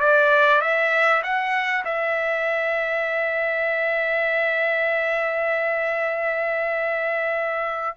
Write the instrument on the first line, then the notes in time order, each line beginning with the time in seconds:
trumpet
0.00 D5
0.61 E5
1.23 F#5
1.85 E5